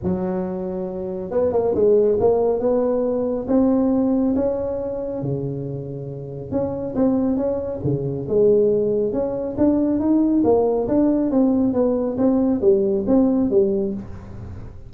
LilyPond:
\new Staff \with { instrumentName = "tuba" } { \time 4/4 \tempo 4 = 138 fis2. b8 ais8 | gis4 ais4 b2 | c'2 cis'2 | cis2. cis'4 |
c'4 cis'4 cis4 gis4~ | gis4 cis'4 d'4 dis'4 | ais4 d'4 c'4 b4 | c'4 g4 c'4 g4 | }